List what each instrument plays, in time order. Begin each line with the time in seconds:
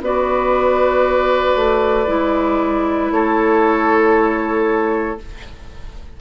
0.00 bassoon B3, clarinet F#4, oboe B4, flute D5
1.55 bassoon A3
2.07 bassoon G#3, clarinet E4
3.11 bassoon A3, oboe A4, flute C#5